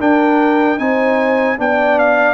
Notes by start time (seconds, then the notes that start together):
0.00 D4 A#4 G5
0.79 C4 D#4 C5 G#5
1.58 B3 D4 D5 G5
1.99 F5